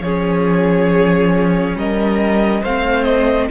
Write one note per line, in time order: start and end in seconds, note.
0.00 1.74 F3
0.00 2.64 C#4
0.00 1.77 G#4
0.00 1.76 C#5
1.75 2.62 G3
1.75 2.61 A#4
1.75 2.64 D#5
2.61 3.50 A3
2.61 3.50 C4
2.61 3.48 C5
2.61 3.04 F5
3.04 3.47 D#5